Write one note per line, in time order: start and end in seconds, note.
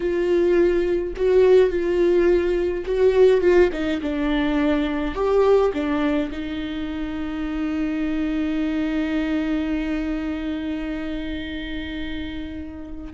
0.00 1.14 F4
1.16 1.70 F#4
1.70 2.84 F4
2.85 3.41 F#4
3.41 3.69 F4
3.72 4.01 D#4
4.01 5.14 D4
5.14 5.71 G4
5.73 6.30 D4
6.31 13.13 D#4